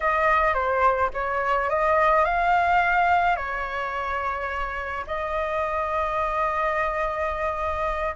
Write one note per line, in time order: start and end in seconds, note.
0.00 0.54 D#5
0.54 1.10 C5
1.13 1.69 C#5
1.69 2.24 D#5
2.24 3.36 F5
3.36 5.04 C#5
5.06 8.15 D#5